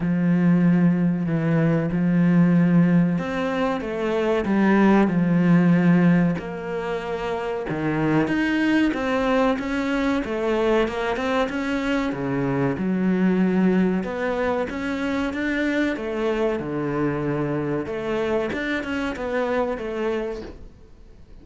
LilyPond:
\new Staff \with { instrumentName = "cello" } { \time 4/4 \tempo 4 = 94 f2 e4 f4~ | f4 c'4 a4 g4 | f2 ais2 | dis4 dis'4 c'4 cis'4 |
a4 ais8 c'8 cis'4 cis4 | fis2 b4 cis'4 | d'4 a4 d2 | a4 d'8 cis'8 b4 a4 | }